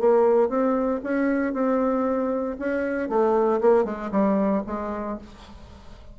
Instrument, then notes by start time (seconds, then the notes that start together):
bassoon
0.00 A#3
0.49 C4
1.03 C#4
1.53 C4
2.59 C#4
3.09 A3
3.61 A#3
3.85 G#3
4.11 G3
4.67 G#3